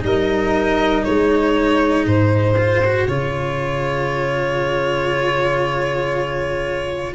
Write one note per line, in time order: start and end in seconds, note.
0.00 1.05 G3
0.00 2.54 D#4
0.00 1.03 A#4
0.00 1.04 D#5
1.03 2.06 G#3
1.03 7.13 G#4
1.03 2.06 C#5
2.06 3.07 G#2
2.06 3.07 C5
2.58 2.83 F4
2.84 3.08 F#4
3.07 7.14 C#3
3.07 7.14 F4
3.07 7.14 C#5